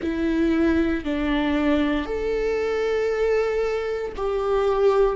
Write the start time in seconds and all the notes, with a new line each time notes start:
0.02 E4
1.04 D4
2.05 A4
4.16 G4